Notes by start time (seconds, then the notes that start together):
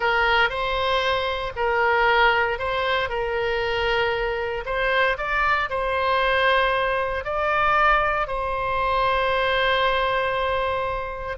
0.00 A#4
0.49 C5
1.56 A#4
2.58 C5
3.09 A#4
4.65 C5
5.17 D5
5.69 C5
7.24 D5
8.27 C5